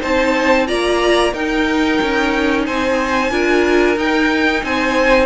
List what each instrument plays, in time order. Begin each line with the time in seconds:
0.00 cello C4, viola D#4, violin C5 A5
0.67 cello A#3, viola F4, violin D5 A#5
1.32 viola D#4, cello D#4, violin A#4 G5
2.01 cello C#4
2.65 cello C4, violin C5 G#5
3.30 cello D4, viola F4, violin A#4
3.96 cello D#4, viola D#4, violin G5
4.63 cello C4, violin C5 G#5